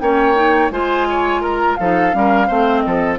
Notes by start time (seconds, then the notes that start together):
0.00 A#3 C#4 C#5 G5
0.36 D#4
0.71 G#3 F4 C5 G#5
1.10 C#5
1.42 A#4 A#5
1.76 F3 D#4 A4 F5
2.12 G3 C#4
2.18 A#4
2.48 A3 C4 C5
2.81 F3 D#5
2.87 A4